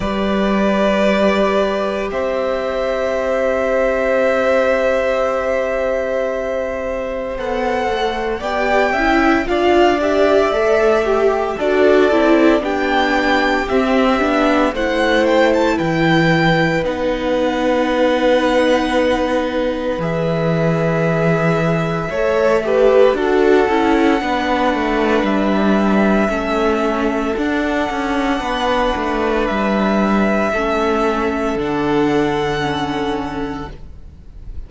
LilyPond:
<<
  \new Staff \with { instrumentName = "violin" } { \time 4/4 \tempo 4 = 57 d''2 e''2~ | e''2. fis''4 | g''4 f''8 e''4. d''4 | g''4 e''4 fis''8 g''16 a''16 g''4 |
fis''2. e''4~ | e''2 fis''2 | e''2 fis''2 | e''2 fis''2 | }
  \new Staff \with { instrumentName = "violin" } { \time 4/4 b'2 c''2~ | c''1 | d''8 e''8 d''4. g'8 a'4 | g'2 c''4 b'4~ |
b'1~ | b'4 cis''8 b'8 a'4 b'4~ | b'4 a'2 b'4~ | b'4 a'2. | }
  \new Staff \with { instrumentName = "viola" } { \time 4/4 g'1~ | g'2. a'4 | g'8 e'8 f'8 g'8 a'8 g'8 fis'8 e'8 | d'4 c'8 d'8 e'2 |
dis'2. gis'4~ | gis'4 a'8 g'8 fis'8 e'8 d'4~ | d'4 cis'4 d'2~ | d'4 cis'4 d'4 cis'4 | }
  \new Staff \with { instrumentName = "cello" } { \time 4/4 g2 c'2~ | c'2. b8 a8 | b8 cis'8 d'4 a4 d'8 c'8 | b4 c'8 b8 a4 e4 |
b2. e4~ | e4 a4 d'8 cis'8 b8 a8 | g4 a4 d'8 cis'8 b8 a8 | g4 a4 d2 | }
>>